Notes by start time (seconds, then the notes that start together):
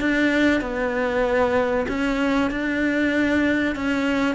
0.00 D4
0.61 B3
1.88 C#4
2.50 D4
3.75 C#4